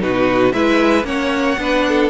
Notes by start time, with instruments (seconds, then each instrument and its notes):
0.00 cello B2, viola D#4, violin F#4 B4
0.52 cello G#3, viola E4, violin B4 E5
1.03 cello A#3, viola C#4, violin C#5 F#5
1.57 cello B3, viola D4, violin B4
1.88 violin A4